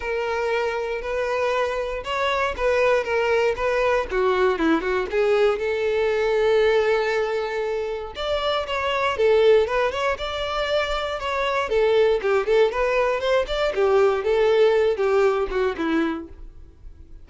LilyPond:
\new Staff \with { instrumentName = "violin" } { \time 4/4 \tempo 4 = 118 ais'2 b'2 | cis''4 b'4 ais'4 b'4 | fis'4 e'8 fis'8 gis'4 a'4~ | a'1 |
d''4 cis''4 a'4 b'8 cis''8 | d''2 cis''4 a'4 | g'8 a'8 b'4 c''8 d''8 g'4 | a'4. g'4 fis'8 e'4 | }